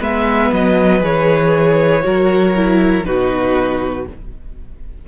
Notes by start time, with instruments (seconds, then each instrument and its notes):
0.00 cello G#3, viola B3, violin B4 E5
0.53 cello F#3, violin D#5
1.00 cello E3, viola G#4, violin C#5
2.03 cello F#3, viola F#4, violin A#4
2.56 viola E4
3.05 cello B2, viola D#4, violin F#4 B4